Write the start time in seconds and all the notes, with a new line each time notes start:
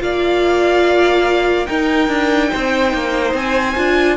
0.00 A#3 F4 D5 F5
1.67 D#4 A#4 G5
2.08 D4
2.51 C4 C5
2.94 A#3
3.34 C4 G#5
3.77 D4 F4